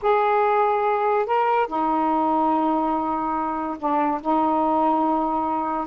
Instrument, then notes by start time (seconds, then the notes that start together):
saxophone
0.02 G#4
1.26 A#4
1.67 D#4
3.79 D4
4.21 D#4